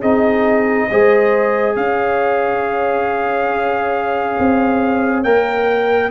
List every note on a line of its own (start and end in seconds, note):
0.00 0.89 C4
0.00 0.90 D#4
0.00 0.87 G#4
0.00 1.76 D#5
0.91 1.76 G#3
0.91 5.25 G#4
0.91 1.77 C5
1.76 4.37 C#4
1.76 6.12 C#5
1.76 5.24 F5
4.39 5.24 C4
5.24 6.11 A#3
5.24 6.12 A#4
5.24 6.11 G5